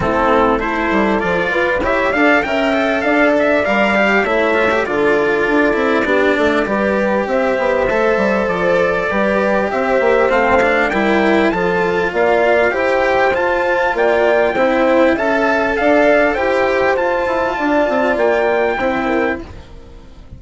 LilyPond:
<<
  \new Staff \with { instrumentName = "trumpet" } { \time 4/4 \tempo 4 = 99 a'4 c''4 d''4 e''8 f''8 | g''4 f''8 e''8 f''4 e''4 | d''1 | e''2 d''2 |
e''4 f''4 g''4 a''4 | f''4 g''4 a''4 g''4~ | g''4 a''4 f''4 g''4 | a''2 g''2 | }
  \new Staff \with { instrumentName = "horn" } { \time 4/4 e'4 a'4. b'8 cis''8 d''8 | e''4 d''2 cis''4 | a'2 g'8 a'8 b'4 | c''2. b'4 |
c''2 ais'4 a'4 | d''4 c''2 d''4 | c''4 e''4 d''4 c''4~ | c''4 d''2 c''8 ais'8 | }
  \new Staff \with { instrumentName = "cello" } { \time 4/4 c'4 e'4 f'4 g'8 a'8 | ais'8 a'4. ais'8 g'8 e'8 f'16 g'16 | f'4. e'8 d'4 g'4~ | g'4 a'2 g'4~ |
g'4 c'8 d'8 e'4 f'4~ | f'4 g'4 f'2 | e'4 a'2 g'4 | f'2. e'4 | }
  \new Staff \with { instrumentName = "bassoon" } { \time 4/4 a4. g8 f8 f'8 e'8 d'8 | cis'4 d'4 g4 a4 | d4 d'8 c'8 b8 a8 g4 | c'8 b8 a8 g8 f4 g4 |
c'8 ais8 a4 g4 f4 | ais4 e'4 f'4 ais4 | c'4 cis'4 d'4 e'4 | f'8 e'8 d'8 c'8 ais4 c'4 | }
>>